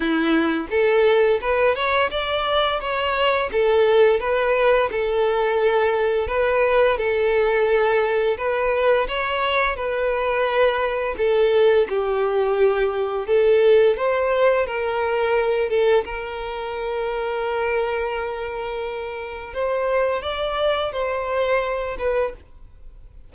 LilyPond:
\new Staff \with { instrumentName = "violin" } { \time 4/4 \tempo 4 = 86 e'4 a'4 b'8 cis''8 d''4 | cis''4 a'4 b'4 a'4~ | a'4 b'4 a'2 | b'4 cis''4 b'2 |
a'4 g'2 a'4 | c''4 ais'4. a'8 ais'4~ | ais'1 | c''4 d''4 c''4. b'8 | }